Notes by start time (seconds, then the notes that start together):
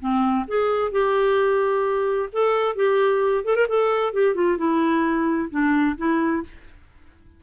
0.00 C4
0.48 G#4
0.92 G4
2.32 A4
2.76 G4
3.45 A4
3.56 A#4
3.69 A4
4.13 G4
4.35 F4
4.58 E4
5.51 D4
5.98 E4